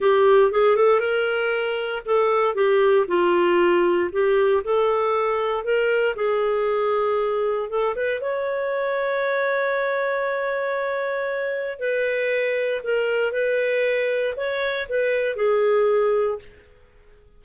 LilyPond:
\new Staff \with { instrumentName = "clarinet" } { \time 4/4 \tempo 4 = 117 g'4 gis'8 a'8 ais'2 | a'4 g'4 f'2 | g'4 a'2 ais'4 | gis'2. a'8 b'8 |
cis''1~ | cis''2. b'4~ | b'4 ais'4 b'2 | cis''4 b'4 gis'2 | }